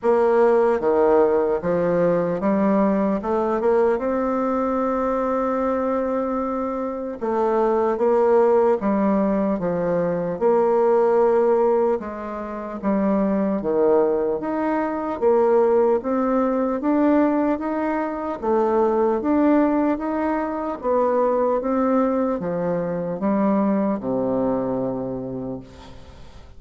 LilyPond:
\new Staff \with { instrumentName = "bassoon" } { \time 4/4 \tempo 4 = 75 ais4 dis4 f4 g4 | a8 ais8 c'2.~ | c'4 a4 ais4 g4 | f4 ais2 gis4 |
g4 dis4 dis'4 ais4 | c'4 d'4 dis'4 a4 | d'4 dis'4 b4 c'4 | f4 g4 c2 | }